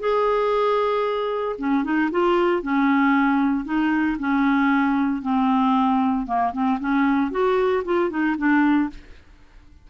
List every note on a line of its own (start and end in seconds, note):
0.00 1.57 G#4
1.59 1.84 C#4
1.84 2.10 D#4
2.12 2.63 F4
2.63 3.65 C#4
3.65 4.17 D#4
4.20 5.22 C#4
5.22 6.27 C4
6.27 6.53 A#3
6.53 6.79 C4
6.81 7.31 C#4
7.31 7.84 F#4
7.85 8.10 F4
8.10 8.36 D#4
8.38 8.90 D4